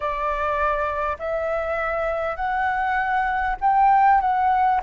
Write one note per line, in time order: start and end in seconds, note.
0.00 1.17 D5
1.18 2.36 E5
2.36 3.56 F#5
3.61 4.21 G5
4.21 4.81 F#5